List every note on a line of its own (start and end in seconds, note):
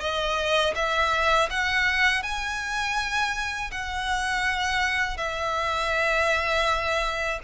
0.00 0.74 D#5
0.75 1.49 E5
1.50 2.23 F#5
2.23 3.71 G#5
3.71 5.18 F#5
5.18 7.40 E5